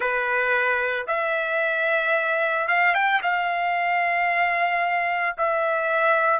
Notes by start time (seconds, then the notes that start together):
0.00 B4
1.07 E5
2.68 F5
2.94 G5
3.22 F5
5.37 E5